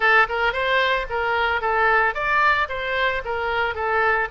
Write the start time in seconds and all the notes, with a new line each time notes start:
0.00 A4
0.28 A#4
0.52 C5
1.09 A#4
1.61 A4
2.14 D5
2.68 C5
3.24 A#4
3.74 A4